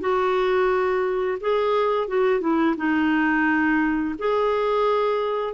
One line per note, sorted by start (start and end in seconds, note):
0.00 1.38 F#4
1.40 2.08 G#4
2.08 2.40 F#4
2.40 2.75 E4
2.77 4.15 D#4
4.18 5.54 G#4